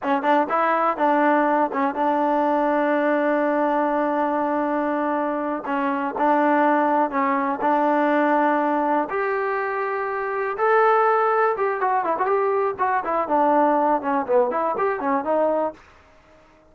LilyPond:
\new Staff \with { instrumentName = "trombone" } { \time 4/4 \tempo 4 = 122 cis'8 d'8 e'4 d'4. cis'8 | d'1~ | d'2.~ d'8 cis'8~ | cis'8 d'2 cis'4 d'8~ |
d'2~ d'8 g'4.~ | g'4. a'2 g'8 | fis'8 e'16 fis'16 g'4 fis'8 e'8 d'4~ | d'8 cis'8 b8 e'8 g'8 cis'8 dis'4 | }